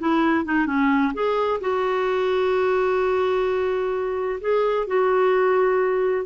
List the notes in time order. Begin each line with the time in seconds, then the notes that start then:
0.00 E4
0.45 D#4
0.67 C#4
1.14 G#4
1.61 F#4
4.41 G#4
4.88 F#4